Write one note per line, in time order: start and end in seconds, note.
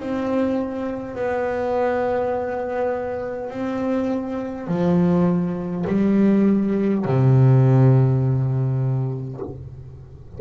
0.00 1.16 C4
1.16 3.51 B3
3.51 4.68 C4
4.68 5.86 F3
5.88 7.05 G3
7.05 9.41 C3